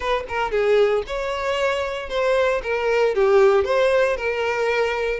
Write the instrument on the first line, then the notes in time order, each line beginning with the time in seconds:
violin
0.00 B4
0.28 A#4
0.51 G#4
1.06 C#5
2.09 C5
2.62 A#4
3.14 G4
3.64 C5
4.16 A#4